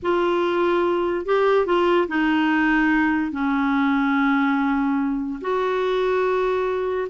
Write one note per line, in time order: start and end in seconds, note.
0.02 1.25 F4
1.25 1.66 G4
1.66 2.07 F4
2.08 3.31 D#4
3.31 5.40 C#4
5.41 7.08 F#4